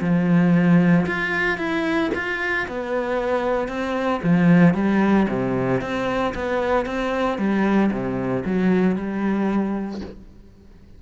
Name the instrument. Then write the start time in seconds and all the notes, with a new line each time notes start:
cello
0.00 F3
1.06 F4
1.58 E4
2.14 F4
2.67 B3
3.68 C4
4.22 F3
4.74 G3
5.28 C3
5.81 C4
6.34 B3
6.85 C4
7.38 G3
7.91 C3
8.45 F#3
8.95 G3